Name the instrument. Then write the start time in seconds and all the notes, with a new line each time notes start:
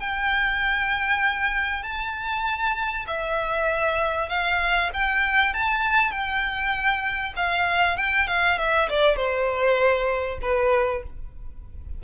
violin
0.00 G5
1.83 A5
3.07 E5
4.29 F5
4.93 G5
5.54 A5
6.11 G5
7.36 F5
7.97 G5
8.28 F5
8.58 E5
8.89 D5
9.16 C5
10.42 B4